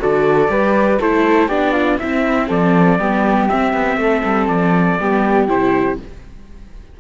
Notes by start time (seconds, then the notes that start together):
0.00 D3 F#4 A4 D5
0.48 G3 G4 B4
1.00 A3 E4 A4 C5
1.48 B3 D4 G4 D5
1.73 F4
1.99 C4 E4 E5
2.48 F3 A4 D5
2.99 G3 B3 G4
3.48 C4 E5
3.73 B3
3.97 A3 A4
4.25 G3
4.48 F3 D5
5.00 G3 B3 G4
5.48 C3 E4 C5